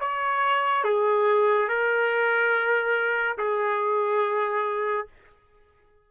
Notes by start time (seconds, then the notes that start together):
0.00 C#5
0.84 G#4
1.69 A#4
3.38 G#4